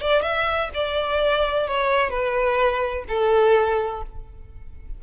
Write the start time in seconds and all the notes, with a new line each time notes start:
0.00 D5
0.22 E5
0.73 D5
1.67 C#5
2.10 B4
3.08 A4